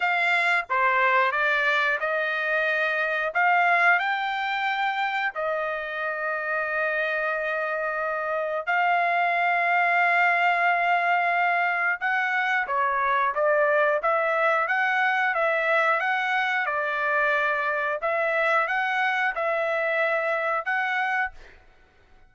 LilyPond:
\new Staff \with { instrumentName = "trumpet" } { \time 4/4 \tempo 4 = 90 f''4 c''4 d''4 dis''4~ | dis''4 f''4 g''2 | dis''1~ | dis''4 f''2.~ |
f''2 fis''4 cis''4 | d''4 e''4 fis''4 e''4 | fis''4 d''2 e''4 | fis''4 e''2 fis''4 | }